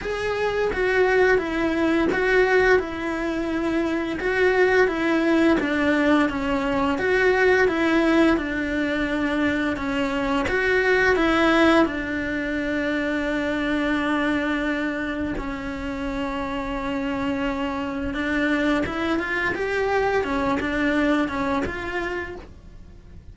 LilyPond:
\new Staff \with { instrumentName = "cello" } { \time 4/4 \tempo 4 = 86 gis'4 fis'4 e'4 fis'4 | e'2 fis'4 e'4 | d'4 cis'4 fis'4 e'4 | d'2 cis'4 fis'4 |
e'4 d'2.~ | d'2 cis'2~ | cis'2 d'4 e'8 f'8 | g'4 cis'8 d'4 cis'8 f'4 | }